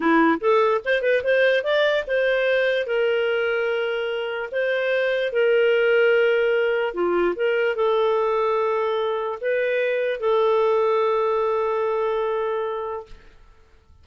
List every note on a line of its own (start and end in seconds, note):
0.00 0.39 E4
0.40 0.81 A4
0.84 1.02 C5
1.02 1.22 B4
1.23 1.63 C5
1.63 2.04 D5
2.07 2.86 C5
2.86 4.49 A#4
4.51 5.32 C5
5.32 6.94 A#4
6.94 7.34 F4
7.35 7.75 A#4
7.75 9.38 A4
9.40 10.20 B4
10.20 13.05 A4